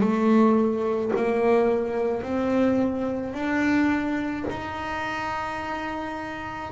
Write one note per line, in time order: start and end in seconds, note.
0.00 1.11 A3
1.16 2.22 A#3
2.22 3.33 C4
3.33 4.44 D4
4.49 6.71 D#4